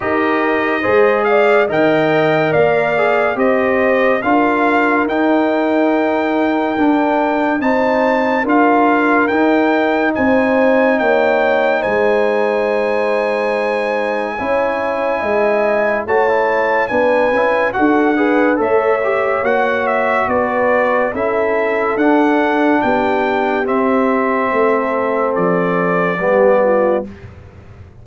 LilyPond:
<<
  \new Staff \with { instrumentName = "trumpet" } { \time 4/4 \tempo 4 = 71 dis''4. f''8 g''4 f''4 | dis''4 f''4 g''2~ | g''4 a''4 f''4 g''4 | gis''4 g''4 gis''2~ |
gis''2. a''4 | gis''4 fis''4 e''4 fis''8 e''8 | d''4 e''4 fis''4 g''4 | e''2 d''2 | }
  \new Staff \with { instrumentName = "horn" } { \time 4/4 ais'4 c''8 d''8 dis''4 d''4 | c''4 ais'2.~ | ais'4 c''4 ais'2 | c''4 cis''4 c''2~ |
c''4 cis''4 dis''4 cis''4 | b'4 a'8 b'8 cis''2 | b'4 a'2 g'4~ | g'4 a'2 g'8 f'8 | }
  \new Staff \with { instrumentName = "trombone" } { \time 4/4 g'4 gis'4 ais'4. gis'8 | g'4 f'4 dis'2 | d'4 dis'4 f'4 dis'4~ | dis'1~ |
dis'4 e'2 fis'16 e'8. | d'8 e'8 fis'8 gis'8 a'8 g'8 fis'4~ | fis'4 e'4 d'2 | c'2. b4 | }
  \new Staff \with { instrumentName = "tuba" } { \time 4/4 dis'4 gis4 dis4 ais4 | c'4 d'4 dis'2 | d'4 c'4 d'4 dis'4 | c'4 ais4 gis2~ |
gis4 cis'4 gis4 a4 | b8 cis'8 d'4 a4 ais4 | b4 cis'4 d'4 b4 | c'4 a4 f4 g4 | }
>>